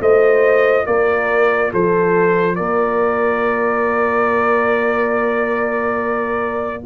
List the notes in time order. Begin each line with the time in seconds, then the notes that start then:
0.00 A3 F4 C5 D#5
0.86 A#3 A#4 D5
1.72 F3 A4 C5
2.55 A#3 A#4 D5